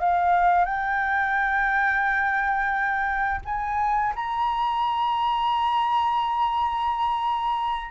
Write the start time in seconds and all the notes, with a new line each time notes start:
0.00 F5
0.65 G5
3.45 G#5
4.15 A#5